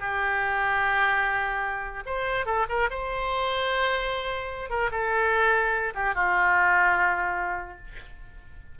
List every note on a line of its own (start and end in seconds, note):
0.00 2.04 G4
2.06 2.46 C5
2.46 2.66 A4
2.69 2.89 A#4
2.90 4.70 C5
4.70 4.90 A#4
4.91 5.93 A4
5.95 6.15 G4
6.15 7.78 F4